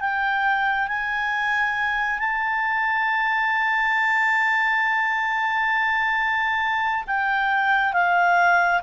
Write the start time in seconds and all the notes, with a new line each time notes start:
0.00 G5
0.88 G#5
2.19 A5
7.07 G5
7.93 F5